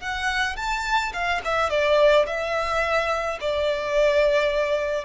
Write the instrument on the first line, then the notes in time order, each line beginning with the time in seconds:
violin
0.00 F#5
0.56 A5
1.12 F5
1.45 E5
1.69 D5
2.26 E5
3.41 D5